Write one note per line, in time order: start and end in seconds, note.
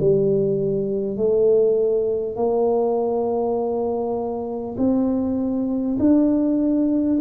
0.00 1.17 G3
1.17 2.36 A3
2.36 4.76 A#3
4.77 5.97 C4
5.99 7.19 D4